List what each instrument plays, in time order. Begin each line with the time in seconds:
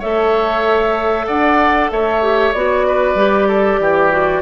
0.00 bassoon A3, clarinet A4, oboe C#5, flute E5
1.28 bassoon D4, oboe D5, flute F#5
1.91 bassoon A3, oboe C#5, flute E5
2.23 clarinet G4
2.53 bassoon B3, clarinet F#4, flute D5
2.88 oboe B4
3.15 bassoon G3, clarinet G4
3.49 oboe A4
3.79 bassoon E3, oboe G4
4.11 clarinet F#4